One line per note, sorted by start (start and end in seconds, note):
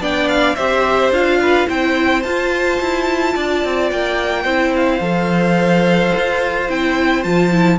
0.00 0.56 B3
0.00 0.57 D4
0.00 0.56 D5
0.00 0.28 G5
0.28 0.55 F5
0.55 1.10 C4
0.55 1.13 G4
0.55 1.39 C5
0.55 1.11 E5
1.10 1.66 D4
1.10 1.68 F4
1.10 1.69 F5
1.42 1.67 B4
1.67 2.24 C4
1.67 2.23 E4
1.67 3.34 C5
1.67 2.22 G5
2.22 2.80 F4
2.22 4.47 F4
2.22 3.89 A5
2.80 3.35 E4
3.35 3.64 D4
3.35 4.43 D5
3.64 3.91 C4
3.91 4.45 A#3
3.91 4.75 G5
4.43 5.00 C4
4.43 5.01 E4
4.43 7.77 C5
4.76 6.70 F5
5.00 6.11 F3
5.00 6.68 A4
6.16 6.69 F4
6.68 7.24 C4
6.68 7.23 E4
6.68 7.23 G5
7.23 7.78 F3
7.23 7.51 F4
7.23 7.78 A5
7.51 7.78 E4